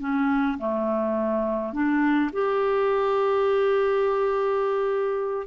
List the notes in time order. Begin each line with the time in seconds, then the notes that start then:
0.00 C#4
0.58 A3
1.73 D4
2.33 G4